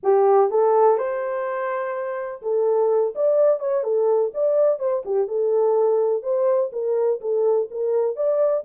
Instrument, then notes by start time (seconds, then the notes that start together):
horn
0.03 G4
0.50 A4
0.97 C5
2.42 A4
3.15 D5
3.59 C#5
3.83 A4
4.34 D5
4.79 C5
5.05 G4
5.27 A4
6.23 C5
6.72 A#4
7.20 A4
7.70 A#4
8.16 D5